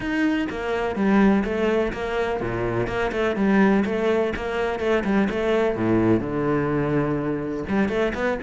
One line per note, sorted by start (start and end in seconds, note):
0.00 0.47 D#4
0.49 0.95 A#3
0.95 1.43 G3
1.44 1.92 A3
1.92 2.40 A#3
2.40 2.87 A#2
2.87 3.11 A#3
3.12 3.36 A3
3.36 3.84 G3
3.85 4.33 A3
4.35 4.79 A#3
4.79 5.03 A3
5.04 5.28 G3
5.30 5.75 A3
5.75 6.20 A2
6.20 7.64 D3
7.68 7.89 G3
7.89 8.13 A3
8.14 8.38 B3